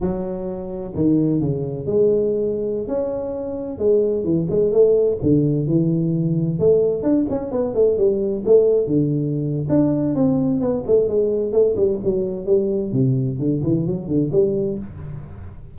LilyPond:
\new Staff \with { instrumentName = "tuba" } { \time 4/4 \tempo 4 = 130 fis2 dis4 cis4 | gis2~ gis16 cis'4.~ cis'16~ | cis'16 gis4 e8 gis8 a4 d8.~ | d16 e2 a4 d'8 cis'16~ |
cis'16 b8 a8 g4 a4 d8.~ | d4 d'4 c'4 b8 a8 | gis4 a8 g8 fis4 g4 | c4 d8 e8 fis8 d8 g4 | }